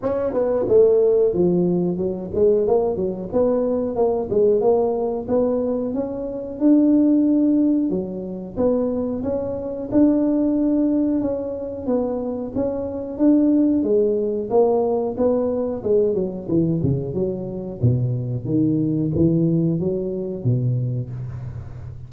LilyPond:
\new Staff \with { instrumentName = "tuba" } { \time 4/4 \tempo 4 = 91 cis'8 b8 a4 f4 fis8 gis8 | ais8 fis8 b4 ais8 gis8 ais4 | b4 cis'4 d'2 | fis4 b4 cis'4 d'4~ |
d'4 cis'4 b4 cis'4 | d'4 gis4 ais4 b4 | gis8 fis8 e8 cis8 fis4 b,4 | dis4 e4 fis4 b,4 | }